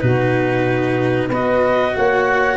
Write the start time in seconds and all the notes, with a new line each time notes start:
0.00 B2 D#4 F#4 B4
1.27 B3 F#4 B4
1.33 D#5
1.96 A#3 C#5 F#5